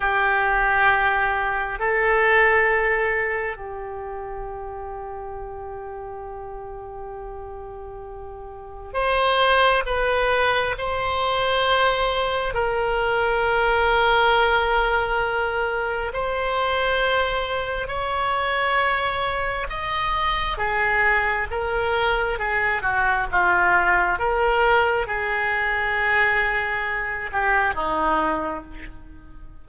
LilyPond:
\new Staff \with { instrumentName = "oboe" } { \time 4/4 \tempo 4 = 67 g'2 a'2 | g'1~ | g'2 c''4 b'4 | c''2 ais'2~ |
ais'2 c''2 | cis''2 dis''4 gis'4 | ais'4 gis'8 fis'8 f'4 ais'4 | gis'2~ gis'8 g'8 dis'4 | }